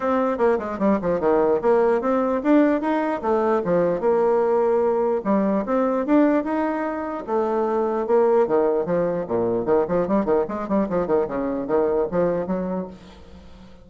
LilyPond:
\new Staff \with { instrumentName = "bassoon" } { \time 4/4 \tempo 4 = 149 c'4 ais8 gis8 g8 f8 dis4 | ais4 c'4 d'4 dis'4 | a4 f4 ais2~ | ais4 g4 c'4 d'4 |
dis'2 a2 | ais4 dis4 f4 ais,4 | dis8 f8 g8 dis8 gis8 g8 f8 dis8 | cis4 dis4 f4 fis4 | }